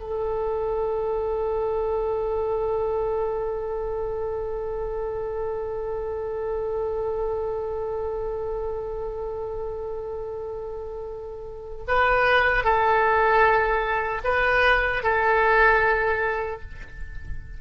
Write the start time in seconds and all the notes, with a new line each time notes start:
0.00 A4
11.87 B4
12.64 A4
14.24 B4
15.03 A4